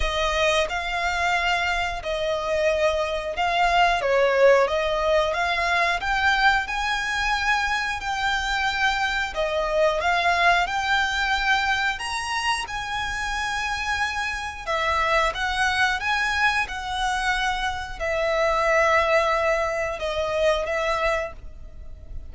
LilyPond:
\new Staff \with { instrumentName = "violin" } { \time 4/4 \tempo 4 = 90 dis''4 f''2 dis''4~ | dis''4 f''4 cis''4 dis''4 | f''4 g''4 gis''2 | g''2 dis''4 f''4 |
g''2 ais''4 gis''4~ | gis''2 e''4 fis''4 | gis''4 fis''2 e''4~ | e''2 dis''4 e''4 | }